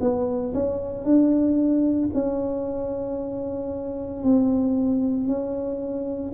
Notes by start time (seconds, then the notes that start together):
0.00 B3
0.54 C#4
1.04 D4
2.14 C#4
4.23 C4
5.27 C#4